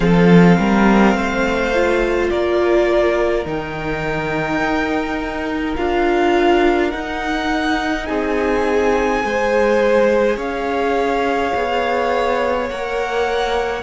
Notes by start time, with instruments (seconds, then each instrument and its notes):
0.00 cello F3, viola C4, violin A4 F5
0.59 cello G3, violin A#4
1.14 cello A3, violin C5
1.74 viola F4
2.30 cello A#3, violin A#4 D5
3.44 cello D#3, viola D#4, violin G5
4.59 cello D#4
5.76 cello D4, viola F4, violin F5
6.90 viola D#4, cello D#4, violin F#5
8.06 cello C4, violin G#4 G#5
9.22 cello G#3, viola G#4, violin C5
10.36 cello C#4, violin C#5 F5
11.54 cello B3
12.69 cello A#3, viola A#4, violin F#5